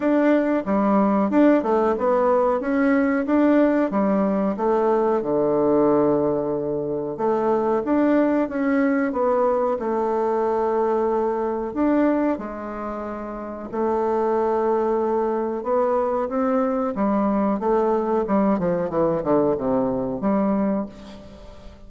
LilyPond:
\new Staff \with { instrumentName = "bassoon" } { \time 4/4 \tempo 4 = 92 d'4 g4 d'8 a8 b4 | cis'4 d'4 g4 a4 | d2. a4 | d'4 cis'4 b4 a4~ |
a2 d'4 gis4~ | gis4 a2. | b4 c'4 g4 a4 | g8 f8 e8 d8 c4 g4 | }